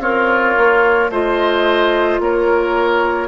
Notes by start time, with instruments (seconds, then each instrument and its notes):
0.00 bassoon C4, oboe F4, clarinet A#4, flute C#5
0.57 bassoon A#3
1.10 bassoon A3, clarinet F4, oboe C5, flute D#5
2.20 bassoon A#3, oboe A#4, flute C#5